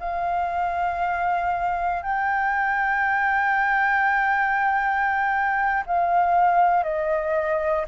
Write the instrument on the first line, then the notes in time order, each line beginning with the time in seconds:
flute
0.00 F5
2.03 G5
5.87 F5
6.84 D#5